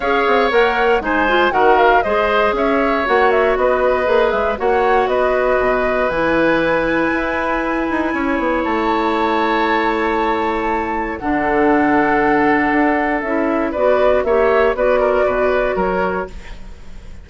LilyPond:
<<
  \new Staff \with { instrumentName = "flute" } { \time 4/4 \tempo 4 = 118 f''4 fis''4 gis''4 fis''8 f''8 | dis''4 e''4 fis''8 e''8 dis''4~ | dis''8 e''8 fis''4 dis''2 | gis''1~ |
gis''4 a''2.~ | a''2 fis''2~ | fis''2 e''4 d''4 | e''4 d''2 cis''4 | }
  \new Staff \with { instrumentName = "oboe" } { \time 4/4 cis''2 c''4 ais'4 | c''4 cis''2 b'4~ | b'4 cis''4 b'2~ | b'1 |
cis''1~ | cis''2 a'2~ | a'2. b'4 | cis''4 b'8 ais'8 b'4 ais'4 | }
  \new Staff \with { instrumentName = "clarinet" } { \time 4/4 gis'4 ais'4 dis'8 f'8 fis'4 | gis'2 fis'2 | gis'4 fis'2. | e'1~ |
e'1~ | e'2 d'2~ | d'2 e'4 fis'4 | g'4 fis'2. | }
  \new Staff \with { instrumentName = "bassoon" } { \time 4/4 cis'8 c'8 ais4 gis4 dis4 | gis4 cis'4 ais4 b4 | ais8 gis8 ais4 b4 b,4 | e2 e'4. dis'8 |
cis'8 b8 a2.~ | a2 d2~ | d4 d'4 cis'4 b4 | ais4 b4 b,4 fis4 | }
>>